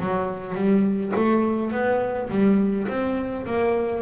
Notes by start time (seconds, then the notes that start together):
0.00 F#3
0.55 G3
1.16 A3
1.72 B3
2.30 G3
2.88 C4
3.46 A#3